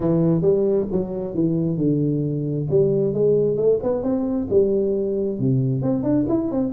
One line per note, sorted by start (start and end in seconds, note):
0.00 0.41 E3
0.41 0.86 G3
0.91 1.34 F#3
1.34 1.77 E3
1.77 2.66 D3
2.70 3.13 G3
3.13 3.56 G#3
3.56 3.79 A3
3.82 4.02 B3
4.02 4.47 C4
4.50 5.39 G3
5.39 5.81 C3
5.81 6.03 C4
6.03 6.25 D4
6.28 6.51 E4
6.51 6.72 C4